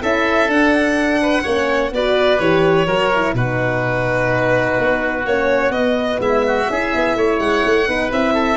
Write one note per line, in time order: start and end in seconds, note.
0.00 0.47 C#4
0.00 0.48 E4
0.00 1.21 A4
0.00 0.50 E5
0.47 1.42 D4
0.47 1.44 D4
0.47 1.93 F#5
1.22 1.43 B4
1.43 1.91 A#3
1.43 1.93 C#4
1.43 1.90 C#5
1.91 2.38 B3
1.91 2.40 F#4
1.91 2.86 B4
1.91 2.39 D5
2.39 2.86 E3
2.39 2.87 G4
2.39 3.34 C#5
2.86 3.33 F#3
2.86 3.13 F#4
2.86 3.34 A#4
3.15 3.35 E4
3.33 4.76 B2
3.33 5.26 D#4
3.33 6.20 F#4
3.33 5.25 B4
4.78 5.25 B3
5.25 5.69 A#3
5.25 5.72 C#4
5.25 5.72 C#5
5.69 6.17 B3
5.69 6.67 B3
5.69 6.19 D#5
6.20 6.67 G#3
6.20 6.44 E4
6.20 7.39 E5
6.47 6.71 F#4
6.68 6.93 C#4
6.68 7.86 E4
6.68 7.17 G#4
6.95 7.15 B3
7.15 7.39 A3
7.15 7.88 C#5
7.39 7.63 G#3
7.39 8.10 F#5
7.65 7.87 A3
7.86 8.11 B3
7.86 8.10 D#4
7.86 8.34 B4
8.10 8.57 C4
8.10 8.57 E4
8.10 8.57 E5
8.34 8.57 A4